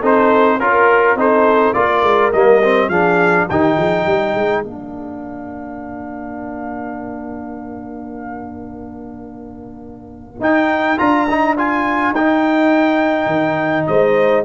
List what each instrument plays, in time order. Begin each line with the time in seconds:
0.00 tuba C4, trombone D#4, horn A4, trumpet C5
0.59 tuba C#4, trombone F4, trumpet A#4, horn A#4
1.15 tuba C4, trombone D#4, horn A4, trumpet C5
1.73 tuba A#3, trombone F4, horn A#4, trumpet D5
2.02 tuba G#3
2.32 tuba G3, trombone A#3, trumpet D#5
2.63 trombone C4
2.88 tuba F3, trombone D4, horn G#4, trumpet F5
3.49 tuba D#3, trombone D#4, horn G4, trumpet G5
3.76 tuba F3, horn G#4
4.05 tuba G3, horn A#4
4.34 tuba G#3
4.63 tuba A#3, trombone D4, trumpet F5
10.40 tuba D#4, trombone D#4, trumpet G5
10.98 tuba D4, trombone F4, trumpet A#5
11.29 trombone D#4
11.57 trombone F4, trumpet G#5
12.11 tuba D#4, trombone D#4, trumpet G5
13.26 tuba D#3
13.86 tuba G#3, horn C5, trumpet D#5